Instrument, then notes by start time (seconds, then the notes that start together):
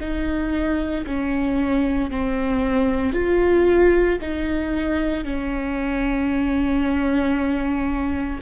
viola
0.00 D#4
1.06 C#4
2.11 C4
3.13 F4
4.21 D#4
5.24 C#4